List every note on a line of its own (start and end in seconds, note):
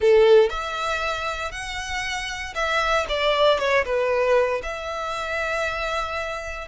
0.00 0.49 A4
0.49 1.51 E5
1.51 2.54 F#5
2.54 3.06 E5
3.08 3.58 D5
3.58 3.84 C#5
3.84 4.61 B4
4.62 6.68 E5